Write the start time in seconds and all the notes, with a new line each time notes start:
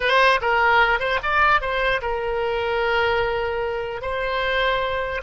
0.00 C5
0.41 A#4
0.99 C5
1.22 D5
1.61 C5
2.01 A#4
4.01 C5